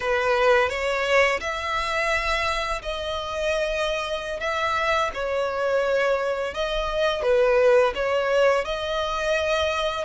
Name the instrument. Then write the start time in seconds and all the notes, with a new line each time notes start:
violin
0.00 B4
0.69 C#5
1.40 E5
2.82 D#5
4.40 E5
5.13 C#5
6.54 D#5
7.22 B4
7.94 C#5
8.64 D#5